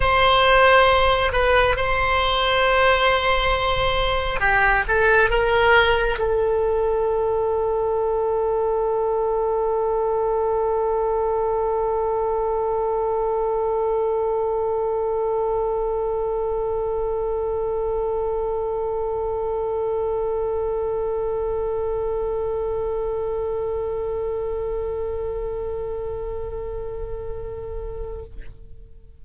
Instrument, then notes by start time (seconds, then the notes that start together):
oboe
0.00 C5
1.32 B4
1.76 C5
4.40 G4
4.88 A4
5.29 A#4
6.18 A4